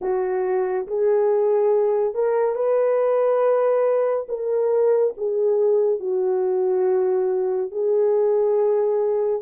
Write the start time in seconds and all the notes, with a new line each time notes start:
0.01 F#4
0.87 G#4
2.14 A#4
2.55 B4
4.28 A#4
5.17 G#4
5.99 F#4
7.71 G#4